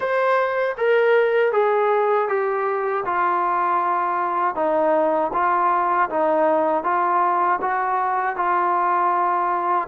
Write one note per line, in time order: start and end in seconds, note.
0.00 0.75 C5
0.77 1.52 A#4
1.52 2.28 G#4
2.28 3.04 G4
3.05 4.55 F4
4.55 5.31 D#4
5.33 6.09 F4
6.09 6.84 D#4
6.84 7.59 F4
7.61 8.35 F#4
8.35 9.87 F4